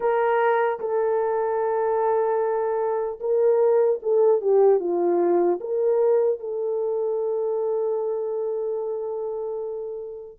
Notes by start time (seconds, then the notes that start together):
0.00 A#4
0.79 A4
3.20 A#4
4.02 A4
4.41 G4
4.79 F4
5.60 A#4
6.39 A4